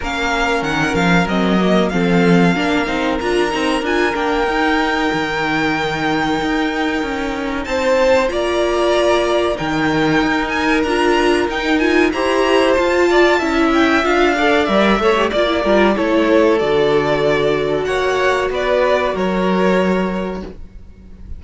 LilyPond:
<<
  \new Staff \with { instrumentName = "violin" } { \time 4/4 \tempo 4 = 94 f''4 fis''8 f''8 dis''4 f''4~ | f''4 ais''4 gis''8 g''4.~ | g''1 | a''4 ais''2 g''4~ |
g''8 gis''8 ais''4 g''8 gis''8 ais''4 | a''4. g''8 f''4 e''4 | d''4 cis''4 d''2 | fis''4 d''4 cis''2 | }
  \new Staff \with { instrumentName = "violin" } { \time 4/4 ais'2. a'4 | ais'1~ | ais'1 | c''4 d''2 ais'4~ |
ais'2. c''4~ | c''8 d''8 e''4. d''4 cis''8 | d''8 ais'8 a'2. | cis''4 b'4 ais'2 | }
  \new Staff \with { instrumentName = "viola" } { \time 4/4 cis'2 c'8 ais8 c'4 | d'8 dis'8 f'8 dis'8 f'8 d'8 dis'4~ | dis'1~ | dis'4 f'2 dis'4~ |
dis'4 f'4 dis'8 f'8 g'4 | f'4 e'4 f'8 a'8 ais'8 a'16 g'16 | f'16 e'16 f'8 e'4 fis'2~ | fis'1 | }
  \new Staff \with { instrumentName = "cello" } { \time 4/4 ais4 dis8 f8 fis4 f4 | ais8 c'8 d'8 c'8 d'8 ais8 dis'4 | dis2 dis'4 cis'4 | c'4 ais2 dis4 |
dis'4 d'4 dis'4 e'4 | f'4 cis'4 d'4 g8 a8 | ais8 g8 a4 d2 | ais4 b4 fis2 | }
>>